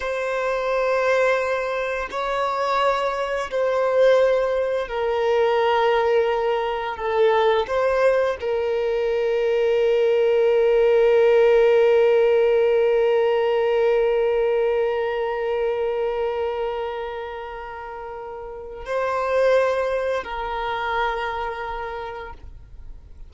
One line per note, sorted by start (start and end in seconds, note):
0.00 2.09 C5
2.10 3.50 C#5
3.50 4.88 C5
4.88 6.96 A#4
6.96 7.66 A4
7.67 8.37 C5
8.40 18.85 A#4
18.85 20.23 C5
20.23 22.33 A#4